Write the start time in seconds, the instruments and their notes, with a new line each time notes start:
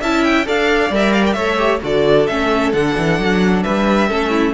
0.00 cello C#4, viola E4, violin E5 A5
0.24 violin G5
0.45 cello D4, viola A4, violin D5 F5
0.90 cello G3, viola A#4, violin E5
1.13 violin F5
1.26 violin G5
1.33 cello A3, viola A4, violin C#5 E5
1.57 viola G4
1.82 cello D3, viola F#4, violin A4 D5
2.27 cello A3, viola C#4, violin E5
2.73 cello D3, viola D4, violin F#5
2.97 cello E3
3.19 cello F#3
3.62 cello G3, violin B4 E5
4.08 cello A3, viola C#4, violin A4
4.30 violin E4